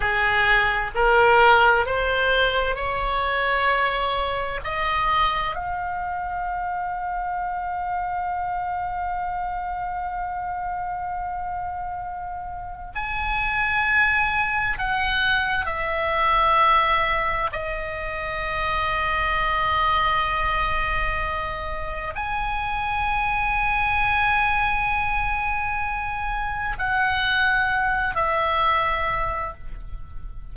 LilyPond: \new Staff \with { instrumentName = "oboe" } { \time 4/4 \tempo 4 = 65 gis'4 ais'4 c''4 cis''4~ | cis''4 dis''4 f''2~ | f''1~ | f''2 gis''2 |
fis''4 e''2 dis''4~ | dis''1 | gis''1~ | gis''4 fis''4. e''4. | }